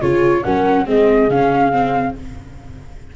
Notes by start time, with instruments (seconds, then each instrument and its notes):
0.00 tuba C#3, viola F4, horn G#4, flute C#5
0.43 tuba F#3, viola C#4, horn A#4, flute F#5
0.85 tuba G#3, viola C4, horn G#4, flute D#5
1.29 tuba C#3, viola C#4, flute F5
1.72 viola C4